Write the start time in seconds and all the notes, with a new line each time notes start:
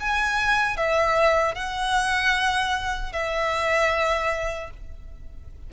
0.00 G#5
0.77 E5
1.55 F#5
3.13 E5